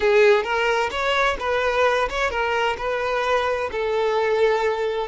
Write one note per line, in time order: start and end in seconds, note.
0.00 0.43 G#4
0.43 0.89 A#4
0.90 1.36 C#5
1.39 2.09 B4
2.09 2.30 C#5
2.30 2.76 A#4
2.77 3.70 B4
3.71 5.07 A4